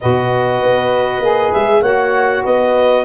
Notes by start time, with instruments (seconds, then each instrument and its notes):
0.01 tuba B2, saxophone F#4, horn B4, clarinet D#5
0.62 tuba B3
1.21 tuba A#3, saxophone G#4
1.53 tuba G#3, clarinet E5
1.81 tuba A#3, saxophone F#4, horn C#5, clarinet F#5
2.44 tuba B3, horn B4, clarinet D#5